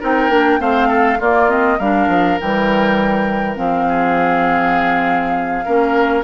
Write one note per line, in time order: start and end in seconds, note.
0.00 0.29 C4
0.00 0.30 D#4
0.00 0.59 A#4
0.00 0.61 G5
0.29 0.59 A#3
0.29 0.59 D4
0.59 1.20 A3
0.59 1.18 C4
0.59 0.88 C5
0.59 1.20 F5
0.88 1.18 A4
1.20 1.79 A#3
1.20 1.48 A#3
1.20 1.78 F4
1.20 1.50 D5
1.48 1.78 C4
1.48 1.79 D#5
1.78 2.08 G3
1.78 2.40 D4
1.78 3.86 A#4
1.78 2.39 F5
2.08 2.37 F3
2.40 3.57 E3
2.40 3.56 G3
2.40 3.57 G5
3.56 5.65 F3
3.56 5.64 C4
3.56 6.24 F5
3.89 5.65 G#4
5.65 6.24 A#3
5.65 6.24 C#4
5.65 6.24 A#4